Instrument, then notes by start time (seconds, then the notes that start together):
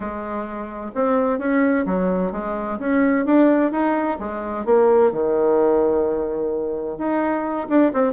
bassoon
0.00 G#3
0.94 C4
1.38 C#4
1.85 F#3
2.32 G#3
2.79 C#4
3.25 D4
3.71 D#4
4.19 G#3
4.65 A#3
5.12 D#3
6.98 D#4
7.68 D4
7.93 C4